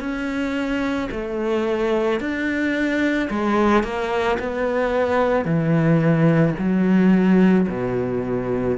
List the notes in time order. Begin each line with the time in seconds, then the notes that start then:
0.00 C#4
1.12 A3
2.20 D4
3.31 G#3
3.84 A#3
4.40 B3
5.45 E3
6.59 F#3
7.69 B2